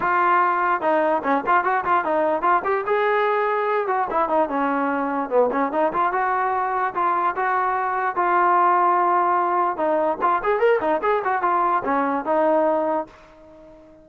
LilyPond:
\new Staff \with { instrumentName = "trombone" } { \time 4/4 \tempo 4 = 147 f'2 dis'4 cis'8 f'8 | fis'8 f'8 dis'4 f'8 g'8 gis'4~ | gis'4. fis'8 e'8 dis'8 cis'4~ | cis'4 b8 cis'8 dis'8 f'8 fis'4~ |
fis'4 f'4 fis'2 | f'1 | dis'4 f'8 gis'8 ais'8 dis'8 gis'8 fis'8 | f'4 cis'4 dis'2 | }